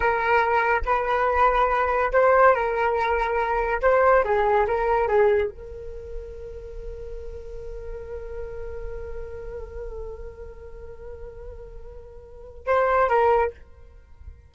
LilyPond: \new Staff \with { instrumentName = "flute" } { \time 4/4 \tempo 4 = 142 ais'2 b'2~ | b'4 c''4 ais'2~ | ais'4 c''4 gis'4 ais'4 | gis'4 ais'2.~ |
ais'1~ | ais'1~ | ais'1~ | ais'2 c''4 ais'4 | }